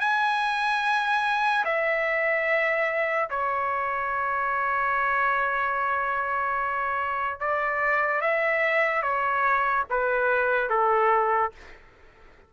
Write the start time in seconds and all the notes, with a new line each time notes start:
0.00 G#5
1.64 E5
3.30 C#5
7.40 D5
8.21 E5
9.02 C#5
9.90 B4
10.70 A4